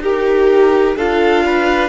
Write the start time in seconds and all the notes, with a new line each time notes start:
0.00 D#4 G4 A#4
0.96 D4 F4 A4 F5
1.45 B4